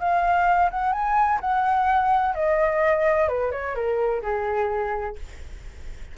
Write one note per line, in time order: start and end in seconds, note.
0.00 0.70 F5
0.71 0.93 F#5
0.93 1.40 G#5
1.41 2.35 F#5
2.35 3.28 D#5
3.28 3.52 B4
3.52 3.75 C#5
3.75 4.22 A#4
4.22 5.16 G#4